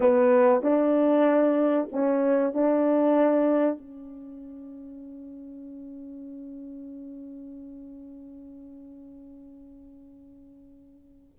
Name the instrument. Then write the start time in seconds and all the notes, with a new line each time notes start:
horn
0.00 B3
0.62 D4
1.91 C#4
2.53 D4
3.78 C#4